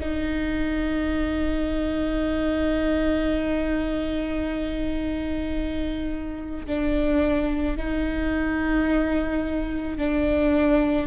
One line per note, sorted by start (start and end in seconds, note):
0.00 6.67 D#4
6.67 7.77 D4
7.77 9.97 D#4
9.97 11.07 D4